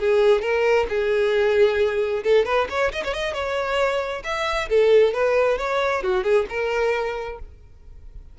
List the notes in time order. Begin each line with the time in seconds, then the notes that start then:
0.00 G#4
0.42 A#4
0.89 G#4
2.24 A4
2.45 B4
2.70 C#5
2.93 D#5
3.04 C#5
3.14 D#5
3.34 C#5
4.24 E5
4.70 A4
5.14 B4
5.58 C#5
6.03 F#4
6.24 G#4
6.49 A#4